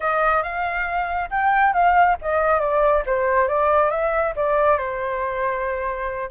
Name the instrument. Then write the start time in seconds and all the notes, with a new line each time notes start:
flute
0.00 D#5
0.42 F5
1.30 G5
1.73 F5
2.21 D#5
2.59 D5
3.06 C5
3.47 D5
3.90 E5
4.36 D5
4.77 C5